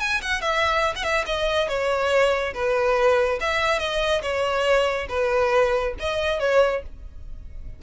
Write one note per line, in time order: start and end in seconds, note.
0.00 0.21 G#5
0.22 0.42 F#5
0.42 0.95 E5
0.96 1.04 F#5
1.04 1.25 E5
1.26 1.68 D#5
1.68 2.54 C#5
2.54 3.39 B4
3.41 3.79 E5
3.79 4.22 D#5
4.22 5.07 C#5
5.09 5.94 B4
6.00 6.40 D#5
6.40 6.82 C#5